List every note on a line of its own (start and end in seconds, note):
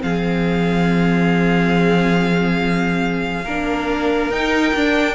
0.00 3.45 F3
0.00 3.43 C4
0.00 3.44 G#4
0.00 4.31 F5
3.44 4.30 A#3
3.44 4.32 D4
3.44 5.15 A#4
4.30 4.73 D#4
4.30 4.75 D#4
4.30 5.15 G5
4.74 5.15 D4